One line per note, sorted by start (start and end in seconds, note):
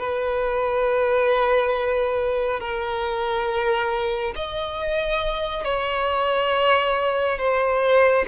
0.00 2.60 B4
2.60 4.34 A#4
4.36 5.65 D#5
5.65 7.39 C#5
7.39 8.26 C5